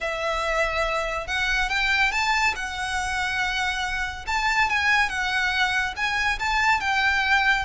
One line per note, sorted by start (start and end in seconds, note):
0.00 1.27 E5
1.27 1.69 F#5
1.69 2.11 G5
2.11 2.54 A5
2.55 4.25 F#5
4.27 4.69 A5
4.69 5.09 G#5
5.09 5.94 F#5
5.96 6.38 G#5
6.39 6.80 A5
6.80 7.65 G5